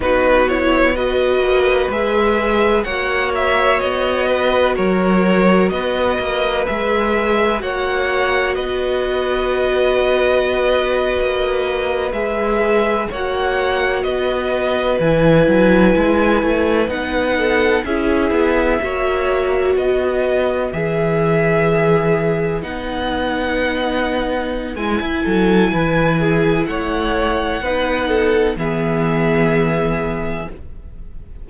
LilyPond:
<<
  \new Staff \with { instrumentName = "violin" } { \time 4/4 \tempo 4 = 63 b'8 cis''8 dis''4 e''4 fis''8 e''8 | dis''4 cis''4 dis''4 e''4 | fis''4 dis''2.~ | dis''8. e''4 fis''4 dis''4 gis''16~ |
gis''4.~ gis''16 fis''4 e''4~ e''16~ | e''8. dis''4 e''2 fis''16~ | fis''2 gis''2 | fis''2 e''2 | }
  \new Staff \with { instrumentName = "violin" } { \time 4/4 fis'4 b'2 cis''4~ | cis''8 b'8 ais'4 b'2 | cis''4 b'2.~ | b'4.~ b'16 cis''4 b'4~ b'16~ |
b'2~ b'16 a'8 gis'4 cis''16~ | cis''8. b'2.~ b'16~ | b'2~ b'8 a'8 b'8 gis'8 | cis''4 b'8 a'8 gis'2 | }
  \new Staff \with { instrumentName = "viola" } { \time 4/4 dis'8 e'8 fis'4 gis'4 fis'4~ | fis'2. gis'4 | fis'1~ | fis'8. gis'4 fis'2 e'16~ |
e'4.~ e'16 dis'4 e'4 fis'16~ | fis'4.~ fis'16 gis'2 dis'16~ | dis'2 e'2~ | e'4 dis'4 b2 | }
  \new Staff \with { instrumentName = "cello" } { \time 4/4 b4. ais8 gis4 ais4 | b4 fis4 b8 ais8 gis4 | ais4 b2~ b8. ais16~ | ais8. gis4 ais4 b4 e16~ |
e16 fis8 gis8 a8 b4 cis'8 b8 ais16~ | ais8. b4 e2 b16~ | b2 gis16 e'16 fis8 e4 | a4 b4 e2 | }
>>